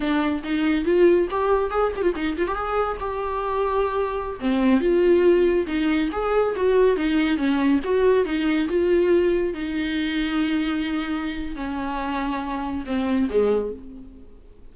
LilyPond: \new Staff \with { instrumentName = "viola" } { \time 4/4 \tempo 4 = 140 d'4 dis'4 f'4 g'4 | gis'8 g'16 f'16 dis'8 f'16 g'16 gis'4 g'4~ | g'2~ g'16 c'4 f'8.~ | f'4~ f'16 dis'4 gis'4 fis'8.~ |
fis'16 dis'4 cis'4 fis'4 dis'8.~ | dis'16 f'2 dis'4.~ dis'16~ | dis'2. cis'4~ | cis'2 c'4 gis4 | }